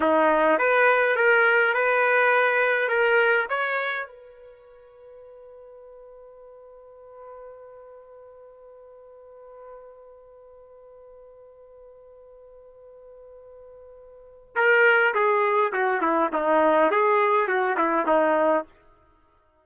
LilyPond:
\new Staff \with { instrumentName = "trumpet" } { \time 4/4 \tempo 4 = 103 dis'4 b'4 ais'4 b'4~ | b'4 ais'4 cis''4 b'4~ | b'1~ | b'1~ |
b'1~ | b'1~ | b'4 ais'4 gis'4 fis'8 e'8 | dis'4 gis'4 fis'8 e'8 dis'4 | }